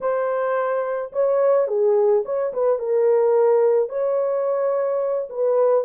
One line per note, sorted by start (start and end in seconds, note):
0.00 1.11 C5
1.12 1.67 C#5
1.67 2.23 G#4
2.25 2.53 C#5
2.53 2.79 B4
2.79 3.89 A#4
3.89 5.28 C#5
5.29 5.84 B4